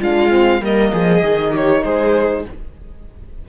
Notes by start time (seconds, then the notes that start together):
0.00 G#3 D4 F4 F5
0.29 C4
0.60 G3 A#3 A#4 D#5
0.92 F3 G#4
1.22 D#3 D#4
1.52 G4 C#5
1.84 G#3 G#4 C5